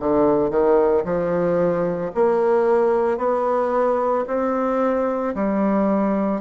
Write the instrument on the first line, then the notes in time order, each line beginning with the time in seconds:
bassoon
0.00 D3
0.51 D#3
1.05 F3
2.15 A#3
3.18 B3
4.28 C4
5.35 G3